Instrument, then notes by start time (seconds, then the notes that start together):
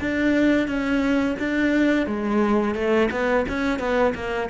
cello
0.00 D4
0.67 C#4
1.39 D4
2.06 G#3
2.74 A3
3.11 B3
3.48 C#4
3.79 B3
4.14 A#3